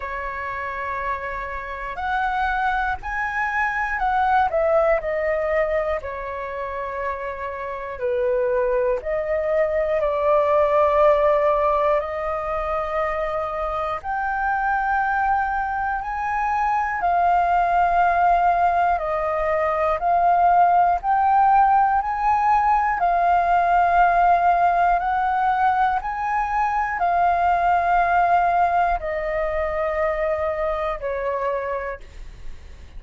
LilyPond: \new Staff \with { instrumentName = "flute" } { \time 4/4 \tempo 4 = 60 cis''2 fis''4 gis''4 | fis''8 e''8 dis''4 cis''2 | b'4 dis''4 d''2 | dis''2 g''2 |
gis''4 f''2 dis''4 | f''4 g''4 gis''4 f''4~ | f''4 fis''4 gis''4 f''4~ | f''4 dis''2 cis''4 | }